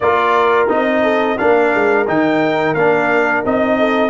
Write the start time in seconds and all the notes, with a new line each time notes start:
0.00 A#3 F4 A#4 D5
0.68 C4 D#4 D#5
1.03 A4
1.37 A#3 D4 A#4 F5
1.74 G#3
2.07 D#3 D#4 G5
2.74 A#3 D4 F5
3.45 C4 D#4 D#5
3.78 A4